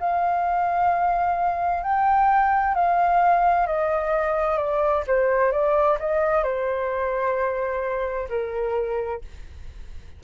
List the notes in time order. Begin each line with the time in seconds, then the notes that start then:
0.00 F5
1.83 G5
2.75 F5
3.67 D#5
4.57 D5
5.07 C5
5.52 D5
6.00 D#5
6.44 C5
8.29 A#4